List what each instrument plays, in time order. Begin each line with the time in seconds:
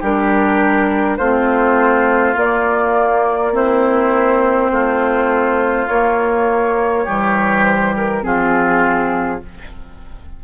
0.00 bassoon G3, clarinet D4, oboe G4, flute A#4
1.17 bassoon A3, clarinet C4, oboe F4, flute C5
2.35 bassoon A#3, clarinet A#3, flute D5
3.52 clarinet C4, oboe E4, flute C5
4.71 bassoon A3, oboe F4
5.88 bassoon A#3, clarinet A#3, flute C#5
7.04 bassoon E3, clarinet G3, oboe G4
7.65 flute C5
7.97 flute A#4
8.23 bassoon F3, clarinet C4, oboe F4, flute G#4